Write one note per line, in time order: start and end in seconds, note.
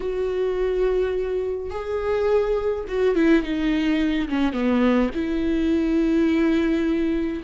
0.00 1.70 F#4
1.70 2.84 G#4
2.88 3.15 F#4
3.15 3.42 E4
3.42 4.28 D#4
4.29 4.52 C#4
4.52 5.09 B3
5.14 7.43 E4